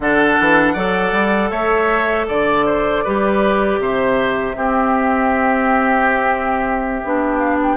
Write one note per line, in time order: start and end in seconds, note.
0.00 0.37 D3
0.00 0.75 D4
0.00 0.73 A4
0.00 1.50 F#5
0.40 0.75 E3
0.73 1.12 F#3
0.73 3.03 A4
0.73 1.49 D5
1.12 1.50 G3
1.50 2.27 A3
1.50 2.26 C#5
1.50 2.26 E5
2.28 3.04 D3
2.28 2.66 D5
2.28 3.81 D5
2.66 3.03 C5
3.04 3.79 G3
3.04 4.55 G4
3.04 3.80 B4
3.79 4.55 C3
3.79 4.56 C5
3.79 7.38 E5
4.55 7.02 C4
4.55 7.76 G4
7.04 7.76 B3
7.04 7.76 D4
7.38 7.57 F5
7.62 7.76 G5